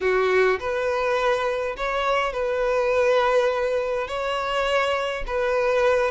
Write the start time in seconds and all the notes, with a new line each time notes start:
0.01 F#4
0.59 B4
1.76 C#5
2.32 B4
4.07 C#5
5.26 B4